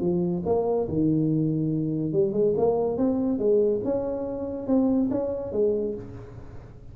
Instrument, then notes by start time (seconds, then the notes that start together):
tuba
0.00 F3
0.45 A#3
0.88 D#3
2.12 G3
2.32 G#3
2.57 A#3
2.97 C4
3.38 G#3
3.84 C#4
4.67 C4
5.10 C#4
5.52 G#3